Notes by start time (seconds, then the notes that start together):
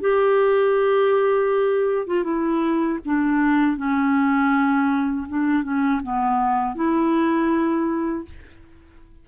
0.00 G4
2.06 F4
2.23 E4
3.05 D4
3.76 C#4
5.28 D4
5.63 C#4
6.03 B3
6.75 E4